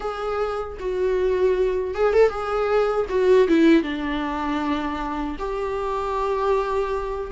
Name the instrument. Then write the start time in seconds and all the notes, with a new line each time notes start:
viola
0.00 G#4
0.79 F#4
1.94 G#4
2.13 A4
2.29 G#4
3.09 F#4
3.48 E4
3.83 D4
5.38 G4